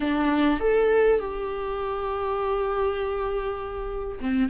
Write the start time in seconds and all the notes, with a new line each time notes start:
0.00 D4
0.60 A4
1.19 G4
4.20 C4